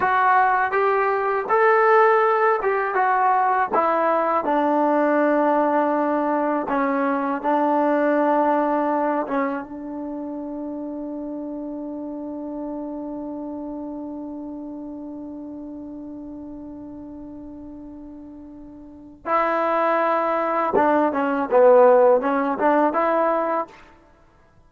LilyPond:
\new Staff \with { instrumentName = "trombone" } { \time 4/4 \tempo 4 = 81 fis'4 g'4 a'4. g'8 | fis'4 e'4 d'2~ | d'4 cis'4 d'2~ | d'8 cis'8 d'2.~ |
d'1~ | d'1~ | d'2 e'2 | d'8 cis'8 b4 cis'8 d'8 e'4 | }